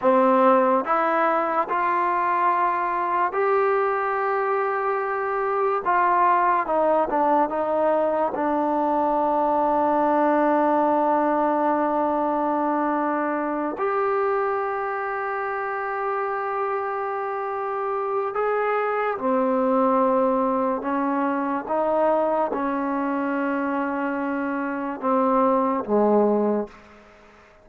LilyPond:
\new Staff \with { instrumentName = "trombone" } { \time 4/4 \tempo 4 = 72 c'4 e'4 f'2 | g'2. f'4 | dis'8 d'8 dis'4 d'2~ | d'1~ |
d'8 g'2.~ g'8~ | g'2 gis'4 c'4~ | c'4 cis'4 dis'4 cis'4~ | cis'2 c'4 gis4 | }